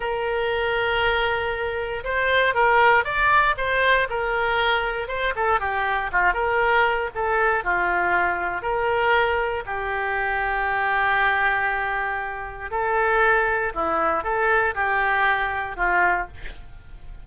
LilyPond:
\new Staff \with { instrumentName = "oboe" } { \time 4/4 \tempo 4 = 118 ais'1 | c''4 ais'4 d''4 c''4 | ais'2 c''8 a'8 g'4 | f'8 ais'4. a'4 f'4~ |
f'4 ais'2 g'4~ | g'1~ | g'4 a'2 e'4 | a'4 g'2 f'4 | }